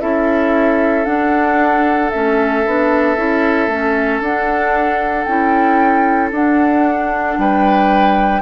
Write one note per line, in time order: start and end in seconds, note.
0.00 1.06 C#4
0.00 1.05 E4
0.00 7.38 A4
0.00 1.05 E5
1.05 2.11 D4
1.05 2.11 F#5
2.11 2.66 A3
2.11 2.66 C#4
2.11 4.21 E5
2.66 3.17 B3
2.66 3.17 D4
3.17 3.68 C#4
3.17 3.69 E4
3.68 4.20 A3
3.68 4.23 C#4
4.20 5.26 D4
4.20 5.27 D4
4.20 5.25 F#5
5.25 6.32 C#4
5.25 6.33 E4
5.25 6.30 G5
6.32 7.37 D4
6.32 8.42 D4
6.32 7.39 F#5
7.38 8.42 G3
7.38 8.42 B4
7.38 8.42 G5